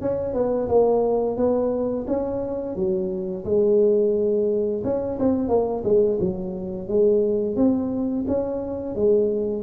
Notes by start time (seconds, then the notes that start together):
0.00 C#4
0.34 B3
0.68 A#3
1.37 B3
2.07 C#4
2.75 F#3
3.45 G#3
4.84 C#4
5.19 C4
5.48 A#3
5.84 G#3
6.20 F#3
6.87 G#3
7.56 C4
8.27 C#4
8.95 G#3